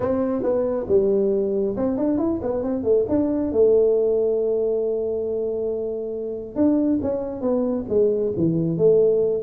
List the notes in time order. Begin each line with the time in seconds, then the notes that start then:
0.00 C4
0.42 B3
0.88 G3
1.76 C4
1.97 D4
2.18 E4
2.42 B3
2.63 C4
2.83 A3
3.09 D4
3.52 A3
6.55 D4
7.02 C#4
7.41 B3
7.88 G#3
8.36 E3
8.77 A3